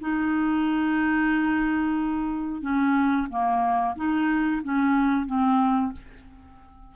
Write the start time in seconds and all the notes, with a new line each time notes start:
0.00 D#4
2.62 C#4
3.30 A#3
3.96 D#4
4.63 C#4
5.26 C4